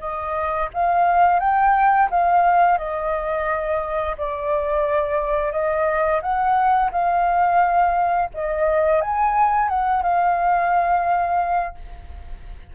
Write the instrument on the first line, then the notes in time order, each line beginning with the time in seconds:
flute
0.00 D#5
0.74 F5
1.40 G5
2.11 F5
2.78 D#5
4.18 D5
5.52 D#5
6.22 F#5
6.92 F5
8.34 D#5
9.01 G#5
9.69 F#5
10.03 F5